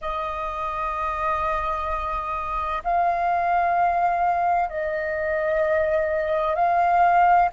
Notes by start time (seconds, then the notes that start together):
0.01 D#5
2.84 F5
4.69 D#5
6.55 F5